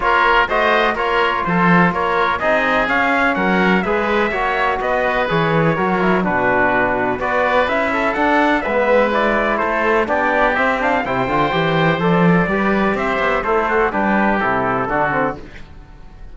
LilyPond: <<
  \new Staff \with { instrumentName = "trumpet" } { \time 4/4 \tempo 4 = 125 cis''4 dis''4 cis''4 c''4 | cis''4 dis''4 f''4 fis''4 | e''2 dis''4 cis''4~ | cis''4 b'2 d''4 |
e''4 fis''4 e''4 d''4 | c''4 d''4 e''8 f''8 g''4~ | g''4 d''2 e''4 | c''4 b'4 a'2 | }
  \new Staff \with { instrumentName = "oboe" } { \time 4/4 ais'4 c''4 ais'4 a'4 | ais'4 gis'2 ais'4 | b'4 cis''4 b'2 | ais'4 fis'2 b'4~ |
b'8 a'4. b'2 | a'4 g'2 c''4~ | c''2 b'4 c''4 | e'8 fis'8 g'2 fis'4 | }
  \new Staff \with { instrumentName = "trombone" } { \time 4/4 f'4 fis'4 f'2~ | f'4 dis'4 cis'2 | gis'4 fis'2 gis'4 | fis'8 e'8 d'2 fis'4 |
e'4 d'4 b4 e'4~ | e'4 d'4 c'8 d'8 e'8 f'8 | g'4 a'4 g'2 | a'4 d'4 e'4 d'8 c'8 | }
  \new Staff \with { instrumentName = "cello" } { \time 4/4 ais4 a4 ais4 f4 | ais4 c'4 cis'4 fis4 | gis4 ais4 b4 e4 | fis4 b,2 b4 |
cis'4 d'4 gis2 | a4 b4 c'4 c8 d8 | e4 f4 g4 c'8 b8 | a4 g4 c4 d4 | }
>>